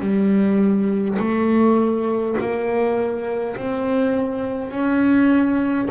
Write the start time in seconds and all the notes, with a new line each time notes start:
0.00 G3
1.19 A3
2.41 A#3
3.57 C4
4.71 C#4